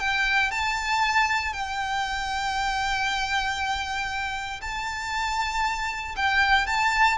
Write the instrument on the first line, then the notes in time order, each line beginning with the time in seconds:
violin
0.00 G5
0.52 A5
1.53 G5
4.62 A5
6.17 G5
6.67 A5